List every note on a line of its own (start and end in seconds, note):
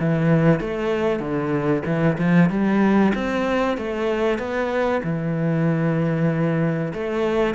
0.00 0.60 E3
0.60 1.20 A3
1.20 1.83 D3
1.86 2.18 E3
2.18 2.50 F3
2.50 3.13 G3
3.15 3.78 C4
3.78 4.39 A3
4.39 5.02 B3
5.04 6.93 E3
6.94 7.55 A3